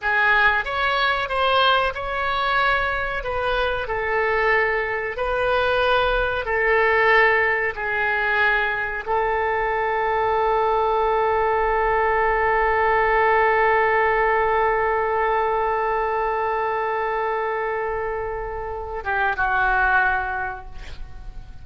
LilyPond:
\new Staff \with { instrumentName = "oboe" } { \time 4/4 \tempo 4 = 93 gis'4 cis''4 c''4 cis''4~ | cis''4 b'4 a'2 | b'2 a'2 | gis'2 a'2~ |
a'1~ | a'1~ | a'1~ | a'4. g'8 fis'2 | }